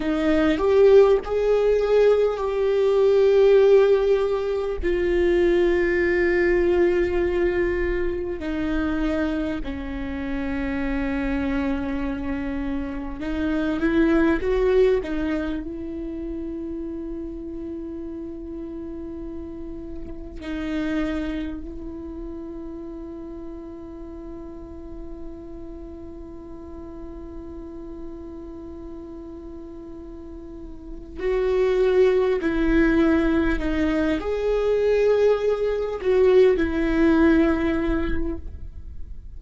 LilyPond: \new Staff \with { instrumentName = "viola" } { \time 4/4 \tempo 4 = 50 dis'8 g'8 gis'4 g'2 | f'2. dis'4 | cis'2. dis'8 e'8 | fis'8 dis'8 e'2.~ |
e'4 dis'4 e'2~ | e'1~ | e'2 fis'4 e'4 | dis'8 gis'4. fis'8 e'4. | }